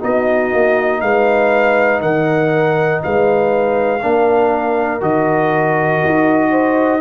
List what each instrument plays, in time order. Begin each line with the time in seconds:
0.00 tuba B3, trombone D#4, horn F#4, trumpet D#5
0.54 tuba A#3
1.01 tuba G#3, horn B4, trumpet F5
2.02 tuba D#3, horn A#4, trumpet F#5
3.02 tuba G#3, horn B4, trumpet F5
4.03 tuba A#3, trombone D4, horn A#4
5.01 tuba D#3, trombone F#4, trumpet D#5
6.05 tuba D#4
6.51 horn C5